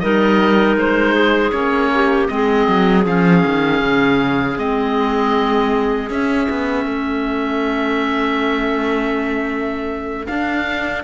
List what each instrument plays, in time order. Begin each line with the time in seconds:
0.00 cello G3, clarinet D#4 A#4, oboe D#5
0.76 cello G#3, oboe C5
1.14 clarinet G#4
1.51 cello A#3, clarinet C#4, oboe C#5
1.94 clarinet G4
2.28 cello G#3, clarinet C4 G#4, oboe D#5
2.68 cello F#3
3.05 cello F3, clarinet C#4, oboe F5
3.46 cello D#3
3.82 cello C#3
4.57 cello G#3, clarinet C4, oboe D#5
6.10 cello C#4, clarinet C#4, oboe E5
6.50 cello B3
6.86 cello A3, clarinet A4
10.27 clarinet D4, cello D4, oboe F5